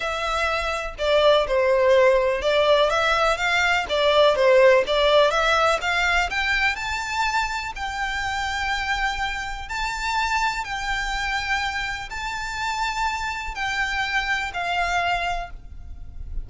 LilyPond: \new Staff \with { instrumentName = "violin" } { \time 4/4 \tempo 4 = 124 e''2 d''4 c''4~ | c''4 d''4 e''4 f''4 | d''4 c''4 d''4 e''4 | f''4 g''4 a''2 |
g''1 | a''2 g''2~ | g''4 a''2. | g''2 f''2 | }